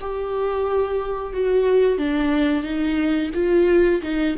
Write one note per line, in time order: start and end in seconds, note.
0.00 1.33 G4
1.33 1.98 F#4
1.98 2.63 D4
2.63 3.30 D#4
3.34 4.01 F4
4.02 4.36 D#4